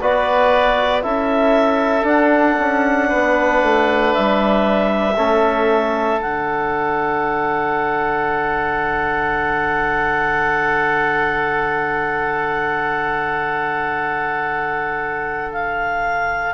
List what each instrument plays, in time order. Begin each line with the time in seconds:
0.00 bassoon B3, trombone F#4, oboe B4, clarinet D5
1.01 bassoon C#4, trombone E4, oboe A4, clarinet E5
2.02 trombone D4, bassoon D4, clarinet F#5
2.59 bassoon C#4
3.08 bassoon B3, oboe B4
3.62 bassoon A3
4.13 bassoon G3, clarinet E5
5.16 bassoon A3, trombone C#4, oboe A4
6.19 bassoon D3, trombone D4, clarinet F#5
15.52 clarinet F5